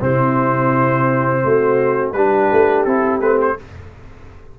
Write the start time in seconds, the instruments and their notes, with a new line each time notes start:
0.00 tuba C3, trombone C4, horn E4, trumpet C5
1.44 tuba A3, horn F#4
2.12 tuba G3, trombone D4, horn G4, trumpet B4
2.51 tuba A3
2.84 tuba C4, trombone E4, trumpet A4
3.20 tuba A3, trombone C4, trumpet B4
3.41 trumpet C5